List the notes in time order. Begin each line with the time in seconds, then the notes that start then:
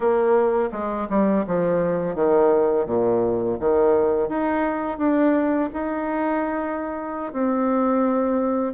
0.00 A#3
0.71 G#3
1.09 G3
1.46 F3
2.15 D#3
2.86 A#2
3.59 D#3
4.29 D#4
4.98 D4
5.73 D#4
7.32 C4